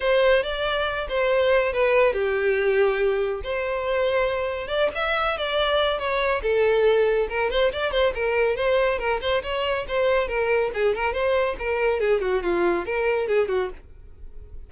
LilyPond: \new Staff \with { instrumentName = "violin" } { \time 4/4 \tempo 4 = 140 c''4 d''4. c''4. | b'4 g'2. | c''2. d''8 e''8~ | e''8 d''4. cis''4 a'4~ |
a'4 ais'8 c''8 d''8 c''8 ais'4 | c''4 ais'8 c''8 cis''4 c''4 | ais'4 gis'8 ais'8 c''4 ais'4 | gis'8 fis'8 f'4 ais'4 gis'8 fis'8 | }